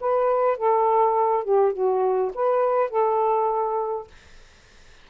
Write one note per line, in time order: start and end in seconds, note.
0.00 0.57 B4
0.57 1.44 A4
1.44 1.72 G4
1.72 2.31 F#4
2.34 2.90 B4
2.90 4.07 A4